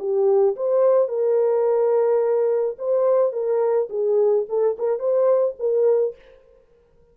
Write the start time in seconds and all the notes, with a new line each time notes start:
0.00 G4
0.56 C5
1.09 A#4
2.79 C5
3.33 A#4
3.90 G#4
4.49 A4
4.79 A#4
5.00 C5
5.60 A#4